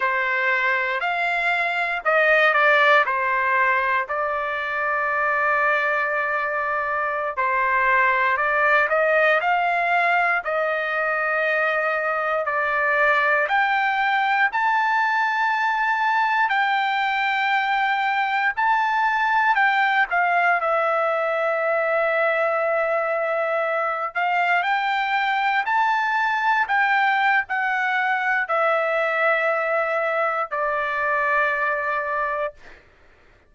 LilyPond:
\new Staff \with { instrumentName = "trumpet" } { \time 4/4 \tempo 4 = 59 c''4 f''4 dis''8 d''8 c''4 | d''2.~ d''16 c''8.~ | c''16 d''8 dis''8 f''4 dis''4.~ dis''16~ | dis''16 d''4 g''4 a''4.~ a''16~ |
a''16 g''2 a''4 g''8 f''16~ | f''16 e''2.~ e''8 f''16~ | f''16 g''4 a''4 g''8. fis''4 | e''2 d''2 | }